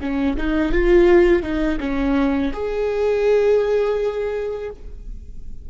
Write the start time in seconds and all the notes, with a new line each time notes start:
0.00 C#4
0.36 D#4
0.72 F4
1.42 D#4
1.79 C#4
2.53 G#4